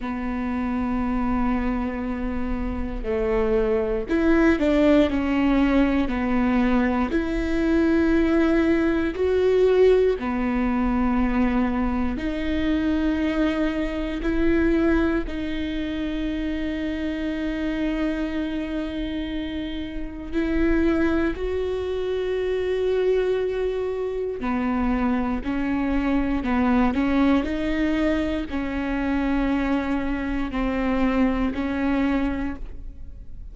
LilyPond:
\new Staff \with { instrumentName = "viola" } { \time 4/4 \tempo 4 = 59 b2. a4 | e'8 d'8 cis'4 b4 e'4~ | e'4 fis'4 b2 | dis'2 e'4 dis'4~ |
dis'1 | e'4 fis'2. | b4 cis'4 b8 cis'8 dis'4 | cis'2 c'4 cis'4 | }